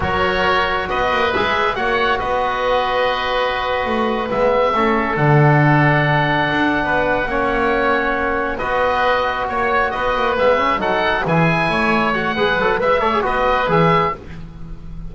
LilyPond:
<<
  \new Staff \with { instrumentName = "oboe" } { \time 4/4 \tempo 4 = 136 cis''2 dis''4 e''4 | fis''4 dis''2.~ | dis''4.~ dis''16 e''2 fis''16~ | fis''1~ |
fis''2.~ fis''8 dis''8~ | dis''4. cis''4 dis''4 e''8~ | e''8 fis''4 gis''2 fis''8~ | fis''4 e''8 cis''8 dis''4 e''4 | }
  \new Staff \with { instrumentName = "oboe" } { \time 4/4 ais'2 b'2 | cis''4 b'2.~ | b'2~ b'8. a'4~ a'16~ | a'2.~ a'8 b'8~ |
b'8 cis''2. b'8~ | b'4. cis''4 b'4.~ | b'8 a'4 gis'4 cis''4. | b'4 e''4 b'2 | }
  \new Staff \with { instrumentName = "trombone" } { \time 4/4 fis'2. gis'4 | fis'1~ | fis'4.~ fis'16 b4 cis'4 d'16~ | d'1~ |
d'8 cis'2. fis'8~ | fis'2.~ fis'8 b8 | cis'8 dis'4 e'2 fis'8 | gis'8 a'8 b'8 a'16 gis'16 fis'4 gis'4 | }
  \new Staff \with { instrumentName = "double bass" } { \time 4/4 fis2 b8 ais8 gis4 | ais4 b2.~ | b8. a4 gis4 a4 d16~ | d2~ d8. d'8. b8~ |
b8 ais2. b8~ | b4. ais4 b8 ais8 gis8~ | gis8 fis4 e4 a4. | gis8 fis8 gis8 a8 b4 e4 | }
>>